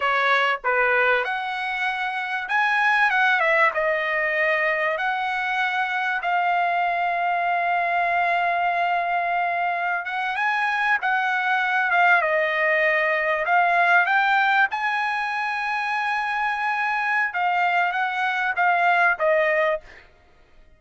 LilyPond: \new Staff \with { instrumentName = "trumpet" } { \time 4/4 \tempo 4 = 97 cis''4 b'4 fis''2 | gis''4 fis''8 e''8 dis''2 | fis''2 f''2~ | f''1~ |
f''16 fis''8 gis''4 fis''4. f''8 dis''16~ | dis''4.~ dis''16 f''4 g''4 gis''16~ | gis''1 | f''4 fis''4 f''4 dis''4 | }